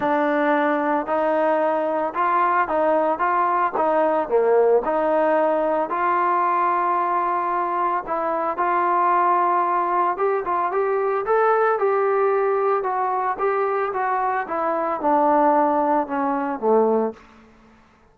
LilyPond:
\new Staff \with { instrumentName = "trombone" } { \time 4/4 \tempo 4 = 112 d'2 dis'2 | f'4 dis'4 f'4 dis'4 | ais4 dis'2 f'4~ | f'2. e'4 |
f'2. g'8 f'8 | g'4 a'4 g'2 | fis'4 g'4 fis'4 e'4 | d'2 cis'4 a4 | }